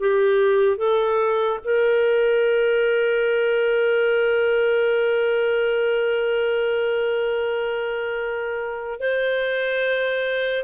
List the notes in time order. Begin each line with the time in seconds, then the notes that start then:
0.00 G4
0.78 A4
1.64 A#4
9.00 C5